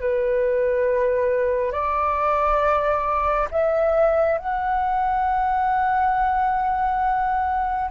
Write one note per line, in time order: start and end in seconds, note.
0.00 1.72 B4
1.72 3.49 D5
3.51 4.38 E5
4.38 7.91 F#5